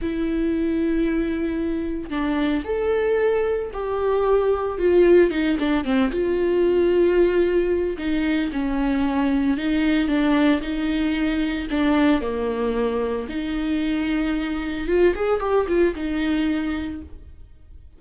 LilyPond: \new Staff \with { instrumentName = "viola" } { \time 4/4 \tempo 4 = 113 e'1 | d'4 a'2 g'4~ | g'4 f'4 dis'8 d'8 c'8 f'8~ | f'2. dis'4 |
cis'2 dis'4 d'4 | dis'2 d'4 ais4~ | ais4 dis'2. | f'8 gis'8 g'8 f'8 dis'2 | }